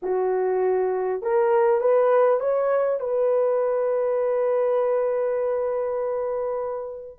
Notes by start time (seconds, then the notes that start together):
0.02 F#4
1.22 A#4
1.80 B4
2.40 C#5
3.00 B4